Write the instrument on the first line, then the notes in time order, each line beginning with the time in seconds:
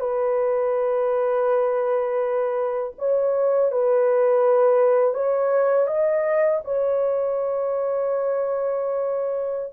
horn
0.00 B4
2.98 C#5
3.72 B4
5.14 C#5
5.87 D#5
6.64 C#5